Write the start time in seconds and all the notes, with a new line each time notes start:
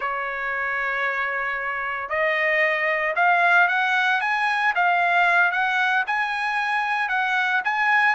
0.00 C#5
2.09 D#5
3.15 F5
3.68 F#5
4.20 G#5
4.75 F5
5.51 F#5
6.06 G#5
7.09 F#5
7.64 G#5